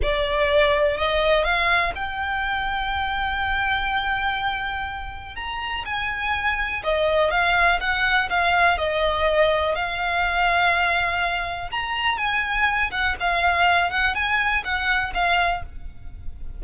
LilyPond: \new Staff \with { instrumentName = "violin" } { \time 4/4 \tempo 4 = 123 d''2 dis''4 f''4 | g''1~ | g''2. ais''4 | gis''2 dis''4 f''4 |
fis''4 f''4 dis''2 | f''1 | ais''4 gis''4. fis''8 f''4~ | f''8 fis''8 gis''4 fis''4 f''4 | }